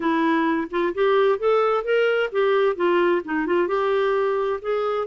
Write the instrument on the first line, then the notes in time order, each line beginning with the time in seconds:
clarinet
0.00 E4
0.70 F4
0.94 G4
1.38 A4
1.83 A#4
2.31 G4
2.75 F4
3.24 D#4
3.46 F4
3.67 G4
4.61 G#4